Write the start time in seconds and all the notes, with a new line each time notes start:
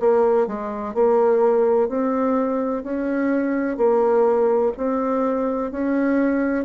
0.00 A#3
0.47 G#3
0.94 A#3
1.89 C4
2.84 C#4
3.77 A#3
4.77 C4
5.71 C#4